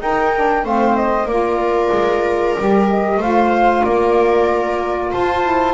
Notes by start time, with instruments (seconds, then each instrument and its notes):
0.00 saxophone D#4, double bass D#4, viola A#4, flute G5
0.34 saxophone D4
0.64 double bass A3, saxophone C4, viola C5, flute F5
0.96 flute D#5
1.24 double bass A#3, saxophone F4, viola A#4, flute D5
1.92 double bass G#3
2.57 double bass G3, saxophone G4
2.89 flute D#5
3.17 double bass A3, saxophone F4, viola C5, flute F5
3.83 double bass A#3, viola A#4, flute D5
5.11 double bass F4, viola C5, flute A5
5.43 saxophone E4